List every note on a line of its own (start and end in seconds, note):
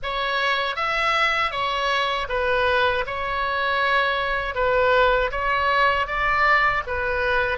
0.02 0.76 C#5
0.76 1.51 E5
1.51 2.27 C#5
2.29 3.04 B4
3.06 4.54 C#5
4.54 5.30 B4
5.31 6.07 C#5
6.07 6.83 D5
6.87 7.57 B4